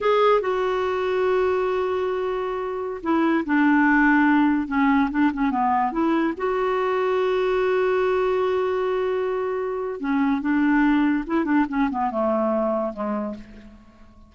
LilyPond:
\new Staff \with { instrumentName = "clarinet" } { \time 4/4 \tempo 4 = 144 gis'4 fis'2.~ | fis'2.~ fis'16 e'8.~ | e'16 d'2. cis'8.~ | cis'16 d'8 cis'8 b4 e'4 fis'8.~ |
fis'1~ | fis'1 | cis'4 d'2 e'8 d'8 | cis'8 b8 a2 gis4 | }